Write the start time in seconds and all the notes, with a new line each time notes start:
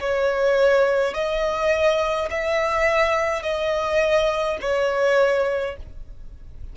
0.00 C#5
1.13 D#5
2.30 E5
3.42 D#5
4.60 C#5